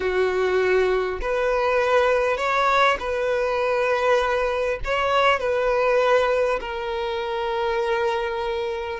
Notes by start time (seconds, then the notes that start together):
0.00 F#4
1.21 B4
2.37 C#5
2.99 B4
4.84 C#5
5.39 B4
6.60 A#4